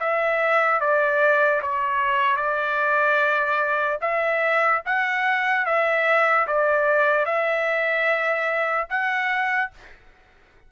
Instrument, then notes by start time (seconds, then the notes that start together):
trumpet
0.00 E5
0.80 D5
1.62 C#5
2.37 D5
4.01 E5
4.86 F#5
5.66 E5
6.47 D5
7.26 E5
8.90 F#5